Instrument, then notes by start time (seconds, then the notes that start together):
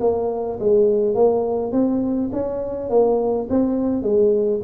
tuba
0.00 A#3
0.59 G#3
1.14 A#3
1.71 C4
2.32 C#4
2.89 A#3
3.49 C4
4.02 G#3